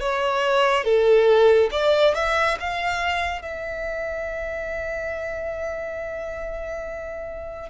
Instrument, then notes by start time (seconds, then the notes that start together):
violin
0.00 C#5
0.84 A4
1.71 D5
2.15 E5
2.60 F5
3.42 E5